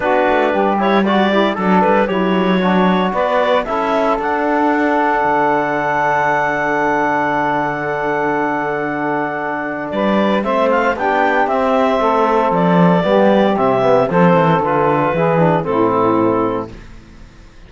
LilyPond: <<
  \new Staff \with { instrumentName = "clarinet" } { \time 4/4 \tempo 4 = 115 b'4. cis''8 d''4 a'8 b'8 | cis''2 d''4 e''4 | fis''1~ | fis''1~ |
fis''2. d''4 | e''8 f''8 g''4 e''2 | d''2 e''4 c''4 | b'2 a'2 | }
  \new Staff \with { instrumentName = "saxophone" } { \time 4/4 fis'4 g'4 fis'8 e'8 d'4 | e'4 d'4 b'4 a'4~ | a'1~ | a'1~ |
a'2. b'4 | c''4 g'2 a'4~ | a'4 g'2 a'4~ | a'4 gis'4 e'2 | }
  \new Staff \with { instrumentName = "trombone" } { \time 4/4 d'4. e'8 fis'8 g'8 a'4 | g'4 fis'2 e'4 | d'1~ | d'1~ |
d'1 | c'4 d'4 c'2~ | c'4 b4 c'8 b8 c'4 | f'4 e'8 d'8 c'2 | }
  \new Staff \with { instrumentName = "cello" } { \time 4/4 b8 a8 g2 fis8 g8 | fis2 b4 cis'4 | d'2 d2~ | d1~ |
d2. g4 | a4 b4 c'4 a4 | f4 g4 c4 f8 e8 | d4 e4 a,2 | }
>>